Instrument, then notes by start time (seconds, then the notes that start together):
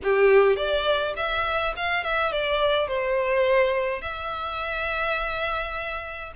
violin
0.03 G4
0.56 D5
1.16 E5
1.76 F5
2.03 E5
2.32 D5
2.87 C5
4.01 E5